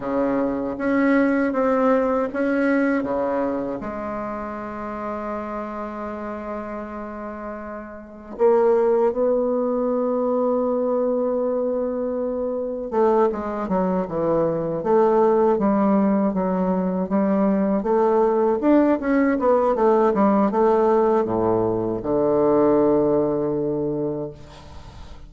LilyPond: \new Staff \with { instrumentName = "bassoon" } { \time 4/4 \tempo 4 = 79 cis4 cis'4 c'4 cis'4 | cis4 gis2.~ | gis2. ais4 | b1~ |
b4 a8 gis8 fis8 e4 a8~ | a8 g4 fis4 g4 a8~ | a8 d'8 cis'8 b8 a8 g8 a4 | a,4 d2. | }